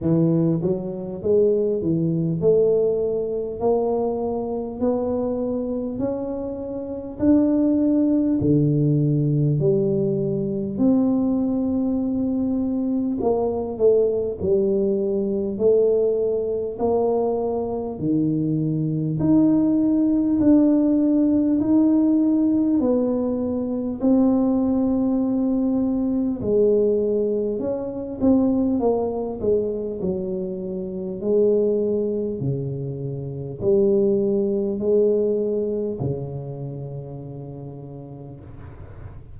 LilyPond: \new Staff \with { instrumentName = "tuba" } { \time 4/4 \tempo 4 = 50 e8 fis8 gis8 e8 a4 ais4 | b4 cis'4 d'4 d4 | g4 c'2 ais8 a8 | g4 a4 ais4 dis4 |
dis'4 d'4 dis'4 b4 | c'2 gis4 cis'8 c'8 | ais8 gis8 fis4 gis4 cis4 | g4 gis4 cis2 | }